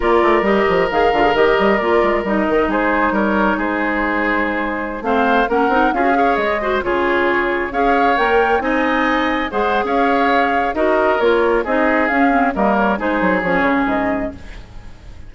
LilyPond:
<<
  \new Staff \with { instrumentName = "flute" } { \time 4/4 \tempo 4 = 134 d''4 dis''4 f''4 dis''4 | d''4 dis''4 c''4 cis''4 | c''2.~ c''16 f''8.~ | f''16 fis''4 f''4 dis''4 cis''8.~ |
cis''4~ cis''16 f''4 g''4 gis''8.~ | gis''4~ gis''16 fis''8. f''2 | dis''4 cis''4 dis''4 f''4 | dis''8 cis''8 c''4 cis''4 dis''4 | }
  \new Staff \with { instrumentName = "oboe" } { \time 4/4 ais'1~ | ais'2 gis'4 ais'4 | gis'2.~ gis'16 c''8.~ | c''16 ais'4 gis'8 cis''4 c''8 gis'8.~ |
gis'4~ gis'16 cis''2 dis''8.~ | dis''4~ dis''16 c''8. cis''2 | ais'2 gis'2 | ais'4 gis'2. | }
  \new Staff \with { instrumentName = "clarinet" } { \time 4/4 f'4 g'4 gis'8 f'16 gis'16 g'4 | f'4 dis'2.~ | dis'2.~ dis'16 c'8.~ | c'16 cis'8 dis'8 f'16 fis'16 gis'4 fis'8 f'8.~ |
f'4~ f'16 gis'4 ais'4 dis'8.~ | dis'4~ dis'16 gis'2~ gis'8. | fis'4 f'4 dis'4 cis'8 c'8 | ais4 dis'4 cis'2 | }
  \new Staff \with { instrumentName = "bassoon" } { \time 4/4 ais8 a8 g8 f8 dis8 d8 dis8 g8 | ais8 gis8 g8 dis8 gis4 g4 | gis2.~ gis16 a8.~ | a16 ais8 c'8 cis'4 gis4 cis8.~ |
cis4~ cis16 cis'4 ais4 c'8.~ | c'4~ c'16 gis8. cis'2 | dis'4 ais4 c'4 cis'4 | g4 gis8 fis8 f8 cis8 gis,4 | }
>>